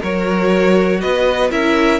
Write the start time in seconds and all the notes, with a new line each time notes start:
0.00 F#3 F#4 A#4 C#5
1.01 B3 B4 D#5
1.51 C#4 E4 A#4 E5